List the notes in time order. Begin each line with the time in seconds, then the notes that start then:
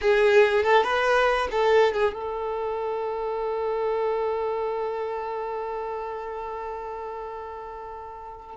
0.01 G#4
0.63 A4
0.83 B4
1.51 A4
1.93 G#4
2.13 A4